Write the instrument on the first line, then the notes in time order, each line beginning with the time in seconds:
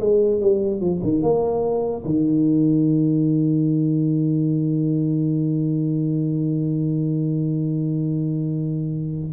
tuba
0.00 G#3
0.41 G3
0.80 F3
1.03 D#3
1.22 A#3
2.05 D#3